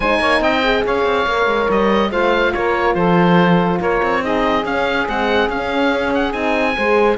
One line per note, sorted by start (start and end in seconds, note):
0.00 0.20 G#3
0.00 0.63 D#4
0.00 0.19 C5
0.00 0.42 G#5
0.19 0.40 A#3
0.19 0.41 C#5
0.40 0.82 C4
0.40 0.84 D#5
0.40 0.84 G5
0.63 1.26 G#4
0.84 1.05 C#4
0.84 2.10 C#5
0.84 1.71 F5
1.05 1.26 C4
1.26 1.46 A#3
1.26 2.11 A#4
1.46 1.67 G#3
1.69 2.10 G3
1.69 2.11 D#5
2.10 2.52 A3
2.10 4.21 F4
2.10 2.53 C5
2.10 2.53 F5
2.53 2.94 A#3
2.53 2.96 A#4
2.53 2.94 C#5
2.94 3.79 F3
2.94 3.79 A4
2.94 3.79 C5
3.79 4.01 A#3
3.79 4.21 A#4
3.79 4.24 C#5
4.02 4.65 C4
4.21 4.64 D#4
4.21 6.76 G#4
4.21 4.65 D#5
4.65 5.07 C#4
4.65 5.08 F5
5.07 5.49 G#3
5.07 5.49 C4
5.07 5.50 F#5
5.49 6.33 C#4
5.49 6.31 C#4
5.49 6.13 F5
6.14 6.32 F#5
6.31 6.75 C4
6.31 6.73 D#4
6.31 7.16 G#5
6.76 7.18 G#3
6.76 7.18 G#4
6.76 7.18 C5